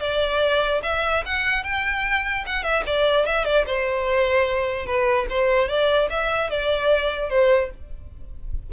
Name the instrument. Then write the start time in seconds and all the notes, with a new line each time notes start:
violin
0.00 D5
0.83 E5
1.25 F#5
1.64 G5
2.46 F#5
2.63 E5
2.86 D5
3.26 E5
3.45 D5
3.66 C5
4.86 B4
5.29 C5
5.68 D5
6.10 E5
6.50 D5
7.29 C5